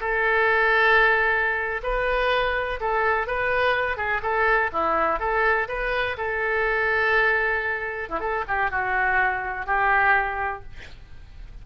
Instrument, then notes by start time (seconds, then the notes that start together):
oboe
0.00 A4
1.83 B4
2.80 A4
3.27 B4
3.97 G#4
4.22 A4
4.72 E4
5.19 A4
5.68 B4
6.17 A4
8.09 E4
8.20 A4
8.48 G4
8.71 F#4
9.66 G4